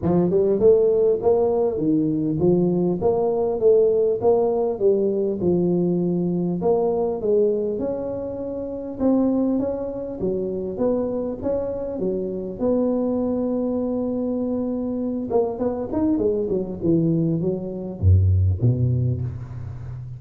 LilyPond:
\new Staff \with { instrumentName = "tuba" } { \time 4/4 \tempo 4 = 100 f8 g8 a4 ais4 dis4 | f4 ais4 a4 ais4 | g4 f2 ais4 | gis4 cis'2 c'4 |
cis'4 fis4 b4 cis'4 | fis4 b2.~ | b4. ais8 b8 dis'8 gis8 fis8 | e4 fis4 fis,4 b,4 | }